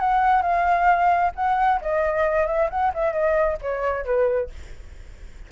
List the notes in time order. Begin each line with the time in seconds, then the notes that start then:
0.00 F#5
0.42 F5
1.36 F#5
1.82 D#5
2.47 E5
2.70 F#5
2.94 E5
3.13 D#5
3.62 C#5
4.05 B4